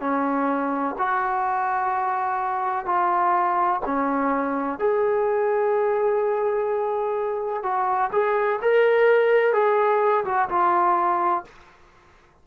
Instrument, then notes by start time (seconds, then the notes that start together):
trombone
0.00 C#4
0.98 F#4
2.85 F4
3.86 C#4
4.79 G#4
7.63 F#4
8.12 G#4
8.62 A#4
9.53 G#4
10.25 F#4
10.49 F4